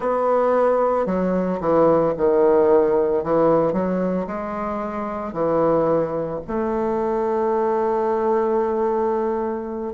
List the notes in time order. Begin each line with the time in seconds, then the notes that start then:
0.00 B3
1.06 F#3
1.60 E3
2.17 D#3
3.23 E3
3.73 F#3
4.27 G#3
5.32 E3
6.47 A3